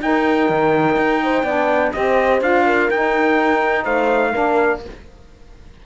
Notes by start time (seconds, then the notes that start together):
0.00 D#4 A#4 G5
0.49 D#3
0.96 D#4
1.23 C5
1.43 B3 D4 D5
1.93 C4 G4 C5 D#5
2.41 D4 F4 F5
2.65 A#4
2.90 D#4 G5
3.84 A3 C5 F5
4.32 A#3 D4 A#4